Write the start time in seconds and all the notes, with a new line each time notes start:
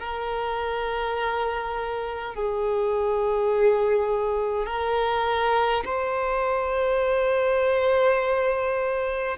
0.00 A#4
2.35 G#4
4.66 A#4
5.85 C5